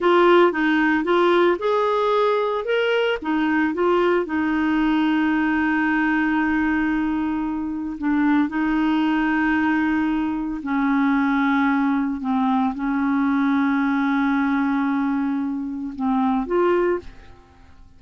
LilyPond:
\new Staff \with { instrumentName = "clarinet" } { \time 4/4 \tempo 4 = 113 f'4 dis'4 f'4 gis'4~ | gis'4 ais'4 dis'4 f'4 | dis'1~ | dis'2. d'4 |
dis'1 | cis'2. c'4 | cis'1~ | cis'2 c'4 f'4 | }